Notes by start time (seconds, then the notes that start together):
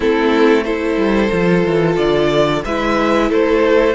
0.00 A3 C4 E4 A4
0.63 E4 A4 C5
0.96 G3
1.31 F3 F4
1.65 E3
1.96 D3 D5
2.64 G#3 E4 B4 E5
3.29 A3 A4 C5